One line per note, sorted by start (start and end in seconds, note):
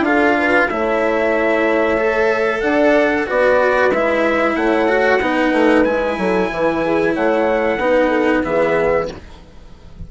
0.00 0.65 D4
0.00 0.69 F4
0.00 0.37 A4
0.00 0.69 F5
0.37 0.69 B4
0.69 2.62 A3
0.69 1.97 E4
0.69 2.62 C#5
0.69 2.60 E5
1.97 3.26 A4
2.60 3.26 D4
2.60 3.26 D5
2.60 3.25 F#5
3.26 3.90 B3
3.26 3.91 F#4
3.26 4.55 B4
3.26 3.92 D5
3.90 4.55 G#3
3.90 4.88 E4
3.90 4.56 E5
4.55 5.20 A3
4.55 5.21 C#5
4.55 5.84 F#5
4.88 5.20 F#4
5.20 5.52 B3
5.20 5.85 D#4
5.20 6.18 B4
5.52 5.84 A3
5.84 6.17 G#3
5.84 7.78 E4
5.84 7.13 G#5
6.17 6.50 F#3
6.17 6.51 A4
6.51 7.16 E3
6.51 6.83 B4
6.84 7.13 G#4
7.13 7.77 A3
7.13 7.78 C#5
7.13 8.44 F#5
7.77 8.42 B3
7.77 8.43 D#4
7.77 8.08 B4
8.08 8.40 A4
8.43 9.10 E3
8.43 9.07 B3
8.43 9.10 G#4
8.43 9.08 E5